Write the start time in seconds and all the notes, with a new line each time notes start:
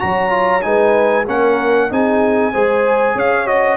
0.00 F#3 F#4 C#5 A#5
0.30 F4
0.62 G#3 D#4 B4 G#5
1.27 A#3 C#4 A#4 F#5
1.91 C4 D#4 G#4 G#5
2.52 G#3 G#4 C5
3.15 C#4 C#5 F5
3.47 F#4 D#5